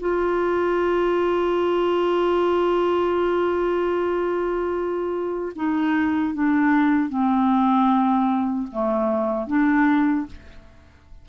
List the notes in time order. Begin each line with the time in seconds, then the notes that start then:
0.00 F4
5.56 D#4
6.34 D4
7.09 C4
8.72 A3
9.47 D4